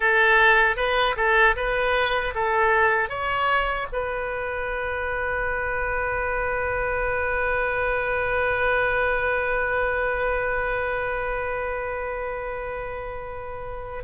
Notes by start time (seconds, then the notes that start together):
0.00 A4
0.76 B4
1.16 A4
1.55 B4
2.34 A4
3.09 C#5
3.92 B4